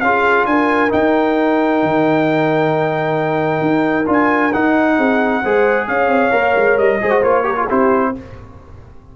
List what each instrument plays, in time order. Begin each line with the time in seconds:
0.00 tuba C#4, trombone F4, horn G#4, trumpet F5
0.46 tuba D4, horn A#4, trumpet G#5
0.89 trombone D#4, tuba D#4, trumpet G5
1.83 tuba D#3
3.61 tuba D#4
4.06 tuba D4, trombone F4, trumpet G#5
4.53 trombone D#4, tuba D#4, trumpet F#5
4.96 tuba C4, horn G#4
5.42 tuba G#3, trombone G#4, horn C5
5.87 tuba C#4, horn C#5, trumpet F5
6.08 tuba C4
6.31 tuba A#3, trombone A#4
6.56 tuba G#3
6.77 tuba G3, trumpet D#5
7.01 tuba G#3, trombone G#4, horn C5
7.10 trombone F#4
7.22 tuba A#3, trombone F4, trumpet C#5
7.43 trombone G4, horn A#4
7.56 trombone F4, horn G#4
7.67 tuba C4, trombone E4, horn G4, trumpet C5